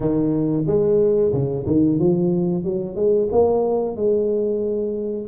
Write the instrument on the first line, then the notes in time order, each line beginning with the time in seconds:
tuba
0.00 D#3
0.66 G#3
1.32 C#3
1.66 D#3
1.99 F3
2.64 F#3
2.95 G#3
3.31 A#3
3.96 G#3